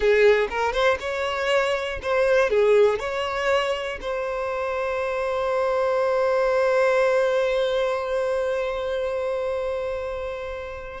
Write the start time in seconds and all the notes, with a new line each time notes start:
0.00 G#4
0.50 A#4
0.72 C5
1.00 C#5
2.02 C5
2.50 G#4
2.99 C#5
4.01 C5